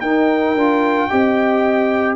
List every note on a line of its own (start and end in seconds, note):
0.00 0.54 D#4
0.00 0.56 D#4
0.00 1.08 A#4
0.00 2.14 G5
0.54 1.07 D4
0.54 1.10 F4
1.10 2.16 C4
1.10 2.16 G4
1.10 2.16 D#5